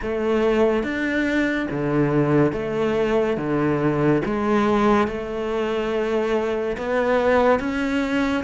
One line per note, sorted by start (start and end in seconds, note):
0.02 0.83 A3
0.83 1.67 D4
1.71 2.52 D3
2.52 3.36 A3
3.37 4.21 D3
4.25 5.07 G#3
5.07 6.76 A3
6.77 7.59 B3
7.59 8.44 C#4